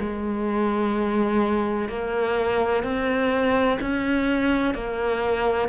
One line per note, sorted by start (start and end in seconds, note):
0.00 1.89 G#3
1.89 2.84 A#3
2.84 3.79 C4
3.81 4.74 C#4
4.74 5.69 A#3